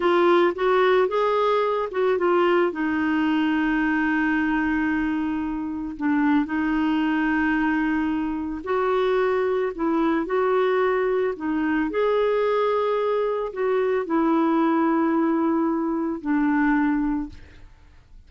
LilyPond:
\new Staff \with { instrumentName = "clarinet" } { \time 4/4 \tempo 4 = 111 f'4 fis'4 gis'4. fis'8 | f'4 dis'2.~ | dis'2. d'4 | dis'1 |
fis'2 e'4 fis'4~ | fis'4 dis'4 gis'2~ | gis'4 fis'4 e'2~ | e'2 d'2 | }